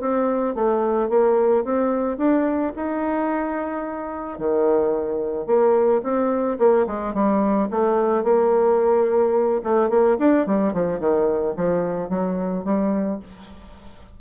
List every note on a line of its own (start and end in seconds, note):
0.00 0.55 C4
0.55 1.09 A3
1.09 1.64 A#3
1.64 2.17 C4
2.17 2.72 D4
2.76 4.38 D#4
4.38 5.46 D#3
5.46 6.01 A#3
6.03 6.58 C4
6.59 6.86 A#3
6.87 7.14 G#3
7.14 7.69 G3
7.70 8.23 A3
8.23 9.61 A#3
9.64 9.89 A3
9.89 10.17 A#3
10.19 10.46 D4
10.46 10.73 G3
10.73 10.99 F3
10.99 11.54 D#3
11.56 12.09 F3
12.09 12.64 F#3
12.64 13.19 G3